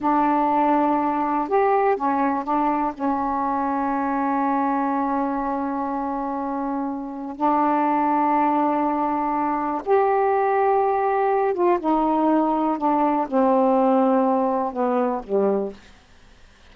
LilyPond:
\new Staff \with { instrumentName = "saxophone" } { \time 4/4 \tempo 4 = 122 d'2. g'4 | cis'4 d'4 cis'2~ | cis'1~ | cis'2. d'4~ |
d'1 | g'2.~ g'8 f'8 | dis'2 d'4 c'4~ | c'2 b4 g4 | }